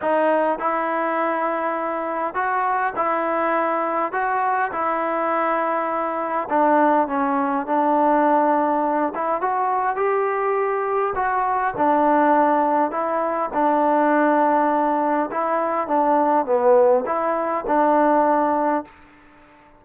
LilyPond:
\new Staff \with { instrumentName = "trombone" } { \time 4/4 \tempo 4 = 102 dis'4 e'2. | fis'4 e'2 fis'4 | e'2. d'4 | cis'4 d'2~ d'8 e'8 |
fis'4 g'2 fis'4 | d'2 e'4 d'4~ | d'2 e'4 d'4 | b4 e'4 d'2 | }